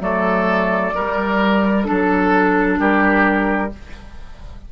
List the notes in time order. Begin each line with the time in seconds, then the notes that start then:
0.00 F#3 A3 A4 D5
0.95 G3 A#4
1.83 D4 A4
1.90 F#3
2.79 G3 G4 A#4